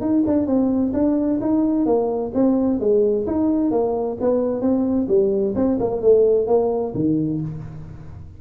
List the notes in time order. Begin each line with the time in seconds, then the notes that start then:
0.00 D#4
0.26 D4
0.46 C4
0.93 D4
1.41 D#4
1.85 A#3
2.34 C4
2.79 G#3
3.26 D#4
3.71 A#3
4.20 B3
4.61 C4
5.08 G3
5.55 C4
5.79 A#3
6.01 A3
6.47 A#3
6.94 D#3